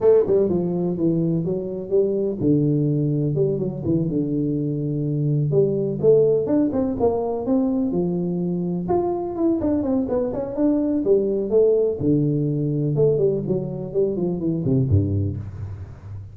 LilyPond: \new Staff \with { instrumentName = "tuba" } { \time 4/4 \tempo 4 = 125 a8 g8 f4 e4 fis4 | g4 d2 g8 fis8 | e8 d2. g8~ | g8 a4 d'8 c'8 ais4 c'8~ |
c'8 f2 f'4 e'8 | d'8 c'8 b8 cis'8 d'4 g4 | a4 d2 a8 g8 | fis4 g8 f8 e8 c8 g,4 | }